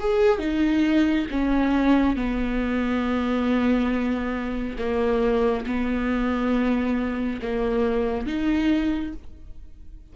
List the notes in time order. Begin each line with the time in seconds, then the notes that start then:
0.00 G#4
0.40 D#4
1.31 C#4
2.16 B3
4.79 A#3
5.67 B3
7.42 A#3
8.26 D#4